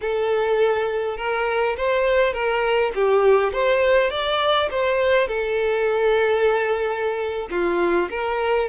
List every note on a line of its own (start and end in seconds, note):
0.01 1.17 A4
1.17 1.76 A#4
1.77 2.33 C5
2.33 2.92 A#4
2.94 3.52 G4
3.52 4.10 C5
4.10 4.69 D5
4.71 5.27 C5
5.27 7.48 A4
7.50 8.09 F4
8.10 8.68 A#4